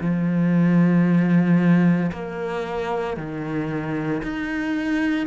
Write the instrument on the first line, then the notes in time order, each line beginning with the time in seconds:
cello
0.00 F3
2.11 A#3
3.16 D#3
4.22 D#4